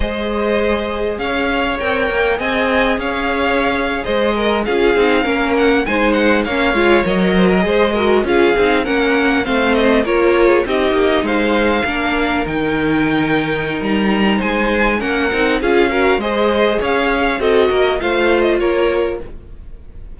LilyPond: <<
  \new Staff \with { instrumentName = "violin" } { \time 4/4 \tempo 4 = 100 dis''2 f''4 g''4 | gis''4 f''4.~ f''16 dis''4 f''16~ | f''4~ f''16 fis''8 gis''8 fis''8 f''4 dis''16~ | dis''4.~ dis''16 f''4 fis''4 f''16~ |
f''16 dis''8 cis''4 dis''4 f''4~ f''16~ | f''8. g''2~ g''16 ais''4 | gis''4 fis''4 f''4 dis''4 | f''4 dis''4 f''8. dis''16 cis''4 | }
  \new Staff \with { instrumentName = "violin" } { \time 4/4 c''2 cis''2 | dis''4 cis''4.~ cis''16 c''8 ais'8 gis'16~ | gis'8. ais'4 c''4 cis''4~ cis''16~ | cis''16 c''16 ais'16 c''8 ais'8 gis'4 ais'4 c''16~ |
c''8. ais'8. gis'16 g'4 c''4 ais'16~ | ais'1 | c''4 ais'4 gis'8 ais'8 c''4 | cis''4 a'8 ais'8 c''4 ais'4 | }
  \new Staff \with { instrumentName = "viola" } { \time 4/4 gis'2. ais'4 | gis'2.~ gis'8. f'16~ | f'16 dis'8 cis'4 dis'4 cis'8 f'8 ais'16~ | ais'8. gis'8 fis'8 f'8 dis'8 cis'4 c'16~ |
c'8. f'4 dis'2 d'16~ | d'8. dis'2.~ dis'16~ | dis'4 cis'8 dis'8 f'8 fis'8 gis'4~ | gis'4 fis'4 f'2 | }
  \new Staff \with { instrumentName = "cello" } { \time 4/4 gis2 cis'4 c'8 ais8 | c'4 cis'4.~ cis'16 gis4 cis'16~ | cis'16 c'8 ais4 gis4 ais8 gis8 fis16~ | fis8. gis4 cis'8 c'8 ais4 a16~ |
a8. ais4 c'8 ais8 gis4 ais16~ | ais8. dis2~ dis16 g4 | gis4 ais8 c'8 cis'4 gis4 | cis'4 c'8 ais8 a4 ais4 | }
>>